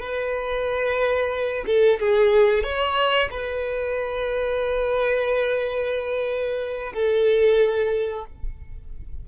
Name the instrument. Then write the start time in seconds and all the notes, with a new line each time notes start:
violin
0.00 B4
1.67 A4
2.00 G#4
2.63 C#5
3.31 B4
6.94 A4